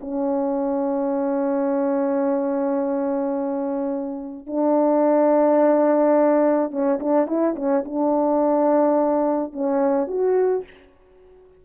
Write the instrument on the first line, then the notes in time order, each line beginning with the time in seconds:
horn
0.00 C#4
4.46 D4
6.70 C#4
6.99 D4
7.27 E4
7.55 C#4
7.85 D4
9.52 C#4
10.07 F#4